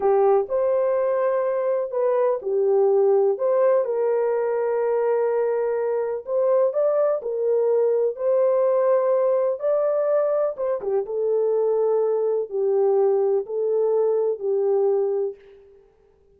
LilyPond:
\new Staff \with { instrumentName = "horn" } { \time 4/4 \tempo 4 = 125 g'4 c''2. | b'4 g'2 c''4 | ais'1~ | ais'4 c''4 d''4 ais'4~ |
ais'4 c''2. | d''2 c''8 g'8 a'4~ | a'2 g'2 | a'2 g'2 | }